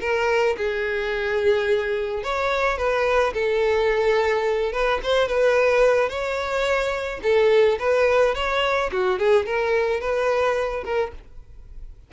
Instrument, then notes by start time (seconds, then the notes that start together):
violin
0.00 A#4
0.57 G#4
2.23 C#5
2.77 B4
3.33 A4
4.72 B4
5.03 C5
5.28 B4
6.09 C#5
7.23 A4
7.79 B4
8.34 C#5
8.92 F#4
9.19 G#4
9.45 A#4
10.00 B4
10.84 A#4